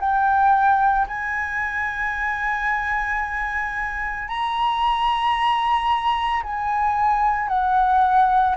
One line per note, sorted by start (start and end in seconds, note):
0.00 1.07 G5
1.07 4.28 G#5
4.28 6.42 A#5
6.43 7.49 G#5
7.49 8.56 F#5